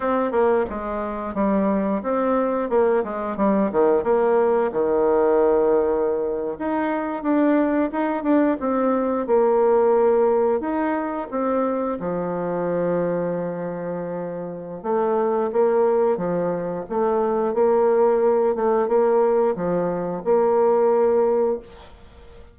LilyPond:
\new Staff \with { instrumentName = "bassoon" } { \time 4/4 \tempo 4 = 89 c'8 ais8 gis4 g4 c'4 | ais8 gis8 g8 dis8 ais4 dis4~ | dis4.~ dis16 dis'4 d'4 dis'16~ | dis'16 d'8 c'4 ais2 dis'16~ |
dis'8. c'4 f2~ f16~ | f2 a4 ais4 | f4 a4 ais4. a8 | ais4 f4 ais2 | }